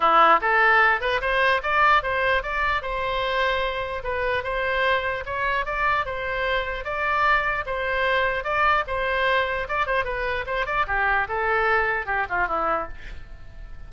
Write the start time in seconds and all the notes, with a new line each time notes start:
0.00 E4
0.41 A4
1.00 B4
1.21 C5
1.62 D5
2.02 C5
2.43 D5
2.82 C5
4.03 B4
4.43 C5
5.25 C#5
5.65 D5
6.05 C5
6.84 D5
7.66 C5
8.43 D5
8.87 C5
9.68 D5
9.86 C5
10.04 B4
10.46 C5
10.65 D5
10.87 G4
11.28 A4
12.06 G4
12.29 F4
12.47 E4